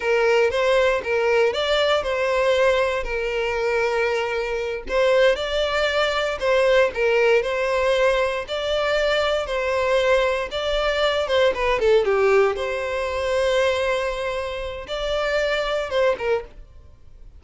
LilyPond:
\new Staff \with { instrumentName = "violin" } { \time 4/4 \tempo 4 = 117 ais'4 c''4 ais'4 d''4 | c''2 ais'2~ | ais'4. c''4 d''4.~ | d''8 c''4 ais'4 c''4.~ |
c''8 d''2 c''4.~ | c''8 d''4. c''8 b'8 a'8 g'8~ | g'8 c''2.~ c''8~ | c''4 d''2 c''8 ais'8 | }